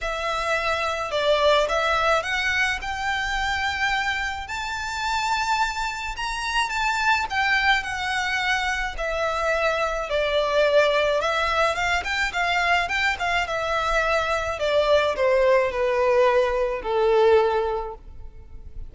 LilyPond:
\new Staff \with { instrumentName = "violin" } { \time 4/4 \tempo 4 = 107 e''2 d''4 e''4 | fis''4 g''2. | a''2. ais''4 | a''4 g''4 fis''2 |
e''2 d''2 | e''4 f''8 g''8 f''4 g''8 f''8 | e''2 d''4 c''4 | b'2 a'2 | }